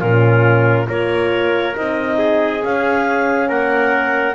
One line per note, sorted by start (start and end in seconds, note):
0.00 0.88 A#2
0.00 0.87 C#4
0.00 0.87 F4
0.00 0.87 A#4
0.87 1.76 A#3
0.87 1.74 F4
0.87 2.18 A#4
0.87 1.76 C#5
1.76 2.63 C4
1.76 2.61 D#4
1.76 2.63 D#5
2.18 3.48 G#4
2.61 4.34 C#4
2.61 3.49 C#4
2.61 3.49 F5
3.48 4.34 A#3
3.48 4.34 A#4
3.48 4.34 F#5